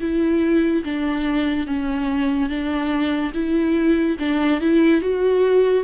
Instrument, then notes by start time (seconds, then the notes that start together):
viola
0.00 E4
0.84 D4
1.66 C#4
2.49 D4
3.34 E4
4.19 D4
4.60 E4
5.01 F#4